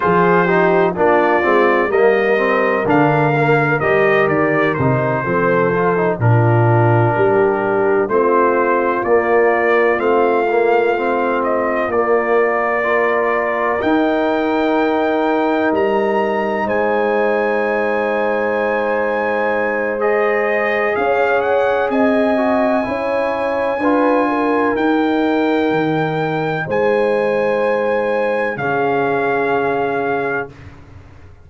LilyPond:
<<
  \new Staff \with { instrumentName = "trumpet" } { \time 4/4 \tempo 4 = 63 c''4 d''4 dis''4 f''4 | dis''8 d''8 c''4. ais'4.~ | ais'8 c''4 d''4 f''4. | dis''8 d''2 g''4.~ |
g''8 ais''4 gis''2~ gis''8~ | gis''4 dis''4 f''8 fis''8 gis''4~ | gis''2 g''2 | gis''2 f''2 | }
  \new Staff \with { instrumentName = "horn" } { \time 4/4 gis'8 g'8 f'4 ais'2~ | ais'4. a'4 f'4 g'8~ | g'8 f'2.~ f'8~ | f'4. ais'2~ ais'8~ |
ais'4. c''2~ c''8~ | c''2 cis''4 dis''4 | cis''4 b'8 ais'2~ ais'8 | c''2 gis'2 | }
  \new Staff \with { instrumentName = "trombone" } { \time 4/4 f'8 dis'8 d'8 c'8 ais8 c'8 d'8 ais8 | g'4 dis'8 c'8 f'16 dis'16 d'4.~ | d'8 c'4 ais4 c'8 ais8 c'8~ | c'8 ais4 f'4 dis'4.~ |
dis'1~ | dis'4 gis'2~ gis'8 fis'8 | e'4 f'4 dis'2~ | dis'2 cis'2 | }
  \new Staff \with { instrumentName = "tuba" } { \time 4/4 f4 ais8 gis8 g4 d4 | g8 dis8 c8 f4 ais,4 g8~ | g8 a4 ais4 a4.~ | a8 ais2 dis'4.~ |
dis'8 g4 gis2~ gis8~ | gis2 cis'4 c'4 | cis'4 d'4 dis'4 dis4 | gis2 cis2 | }
>>